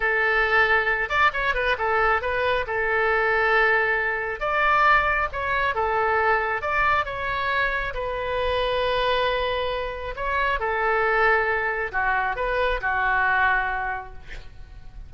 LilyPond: \new Staff \with { instrumentName = "oboe" } { \time 4/4 \tempo 4 = 136 a'2~ a'8 d''8 cis''8 b'8 | a'4 b'4 a'2~ | a'2 d''2 | cis''4 a'2 d''4 |
cis''2 b'2~ | b'2. cis''4 | a'2. fis'4 | b'4 fis'2. | }